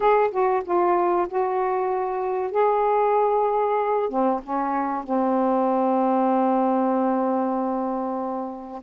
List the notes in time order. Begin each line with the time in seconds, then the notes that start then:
0.00 G#4
0.31 F#4
0.64 F4
1.28 F#4
2.51 G#4
4.09 C4
4.43 C#4
5.03 C4